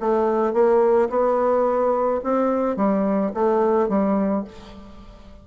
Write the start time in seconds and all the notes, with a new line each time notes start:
0.00 A3
0.53 A#3
1.09 B3
2.23 C4
2.76 G3
3.34 A3
3.88 G3